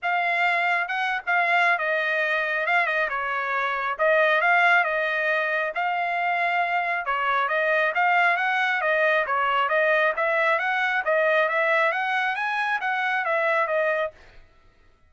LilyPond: \new Staff \with { instrumentName = "trumpet" } { \time 4/4 \tempo 4 = 136 f''2 fis''8. f''4~ f''16 | dis''2 f''8 dis''8 cis''4~ | cis''4 dis''4 f''4 dis''4~ | dis''4 f''2. |
cis''4 dis''4 f''4 fis''4 | dis''4 cis''4 dis''4 e''4 | fis''4 dis''4 e''4 fis''4 | gis''4 fis''4 e''4 dis''4 | }